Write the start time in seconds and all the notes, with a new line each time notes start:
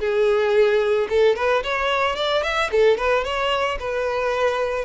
0.00 G#4
1.10 A4
1.36 B4
1.64 C#5
2.16 D5
2.43 E5
2.71 A4
2.98 B4
3.25 C#5
3.80 B4